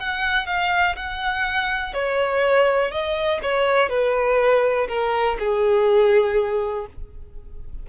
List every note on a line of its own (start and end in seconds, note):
0.00 0.47 F#5
0.47 0.96 F5
0.96 1.94 F#5
1.94 2.92 C#5
2.92 3.41 D#5
3.43 3.89 C#5
3.89 4.88 B4
4.89 5.38 A#4
5.39 6.87 G#4